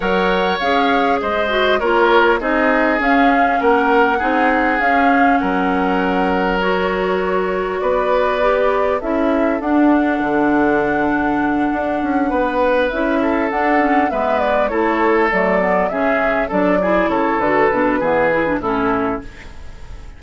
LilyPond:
<<
  \new Staff \with { instrumentName = "flute" } { \time 4/4 \tempo 4 = 100 fis''4 f''4 dis''4 cis''4 | dis''4 f''4 fis''2 | f''4 fis''2 cis''4~ | cis''4 d''2 e''4 |
fis''1~ | fis''4. e''4 fis''4 e''8 | d''8 cis''4 d''4 e''4 d''8~ | d''8 cis''8 b'2 a'4 | }
  \new Staff \with { instrumentName = "oboe" } { \time 4/4 cis''2 c''4 ais'4 | gis'2 ais'4 gis'4~ | gis'4 ais'2.~ | ais'4 b'2 a'4~ |
a'1~ | a'8 b'4. a'4. b'8~ | b'8 a'2 gis'4 a'8 | gis'8 a'4. gis'4 e'4 | }
  \new Staff \with { instrumentName = "clarinet" } { \time 4/4 ais'4 gis'4. fis'8 f'4 | dis'4 cis'2 dis'4 | cis'2. fis'4~ | fis'2 g'4 e'4 |
d'1~ | d'4. e'4 d'8 cis'8 b8~ | b8 e'4 a8 b8 cis'4 d'8 | e'4 fis'8 d'8 b8 e'16 d'16 cis'4 | }
  \new Staff \with { instrumentName = "bassoon" } { \time 4/4 fis4 cis'4 gis4 ais4 | c'4 cis'4 ais4 c'4 | cis'4 fis2.~ | fis4 b2 cis'4 |
d'4 d2~ d8 d'8 | cis'8 b4 cis'4 d'4 gis8~ | gis8 a4 fis4 cis4 fis8~ | fis8 cis8 d8 b,8 e4 a,4 | }
>>